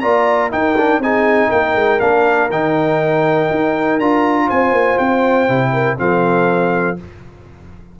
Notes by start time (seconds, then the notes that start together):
0.00 A#3 F4 D5 A#5
0.51 D#4 A#4 G5
0.77 D4
0.98 C4 D#4 G#4 G#5
1.49 A#3 A#4 G5
1.75 G#3
2.00 A#3 D4 F5
2.50 D#3 D#4 G5
3.50 D#4
3.99 D4 F4 A#5
4.47 C4 C5 G#5
4.71 A#3
4.98 C4 G5
5.48 C3 E4
5.73 A#4
5.97 F3 C4 A4 F5